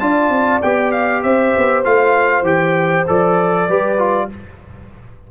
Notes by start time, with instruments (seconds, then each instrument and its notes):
0.00 tuba D4, trombone F4, horn D5, trumpet A5
0.30 tuba C4
0.62 tuba B3, trombone G4, trumpet G5
0.92 trumpet F5
1.23 tuba C4, horn C5, trumpet E5
1.58 tuba B3
1.85 tuba A3, trombone F4, trumpet F5
2.43 tuba E3, trombone G4, trumpet G5
3.08 tuba F3, trombone A4, trumpet D5
3.68 tuba G3, trombone G4, horn B4
3.99 trombone F4